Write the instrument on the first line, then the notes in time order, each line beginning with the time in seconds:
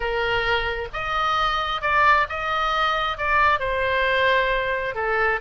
oboe
0.00 A#4
0.93 D#5
1.81 D5
2.29 D#5
3.17 D5
3.59 C5
4.94 A4